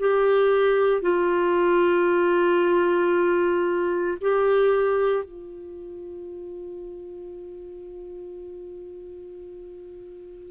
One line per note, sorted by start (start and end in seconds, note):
0.00 1.02 G4
1.02 4.18 F4
4.22 5.24 G4
5.24 10.51 F4